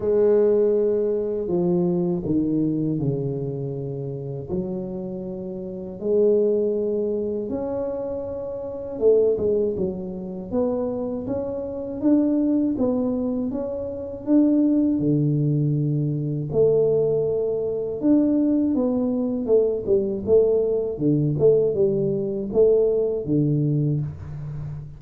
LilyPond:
\new Staff \with { instrumentName = "tuba" } { \time 4/4 \tempo 4 = 80 gis2 f4 dis4 | cis2 fis2 | gis2 cis'2 | a8 gis8 fis4 b4 cis'4 |
d'4 b4 cis'4 d'4 | d2 a2 | d'4 b4 a8 g8 a4 | d8 a8 g4 a4 d4 | }